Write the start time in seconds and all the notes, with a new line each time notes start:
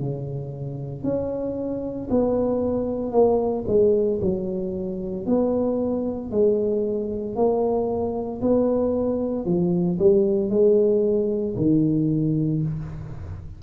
0.00 C#3
1.04 C#4
2.11 B3
3.12 A#3
3.67 G#3
4.22 F#3
5.26 B3
6.31 G#3
7.36 A#3
8.42 B3
9.46 F3
9.99 G3
10.50 G#3
11.57 D#3